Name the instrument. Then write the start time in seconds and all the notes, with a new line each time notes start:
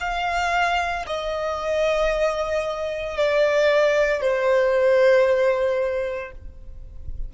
violin
0.00 F5
1.06 D#5
3.17 D5
4.21 C5